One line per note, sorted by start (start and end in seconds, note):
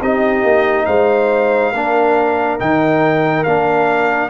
0.00 0.43 C4
0.00 1.74 D#4
0.00 0.86 G4
0.00 0.86 D#5
0.43 0.86 A#3
0.86 1.72 G#3
0.86 1.72 C5
0.86 2.57 F5
1.72 2.58 A#3
1.72 2.59 D4
1.72 4.29 A#4
2.59 3.45 D#3
2.59 3.45 D#4
2.59 3.43 G5
3.43 4.30 A#3
3.43 4.30 D4
3.43 4.29 F5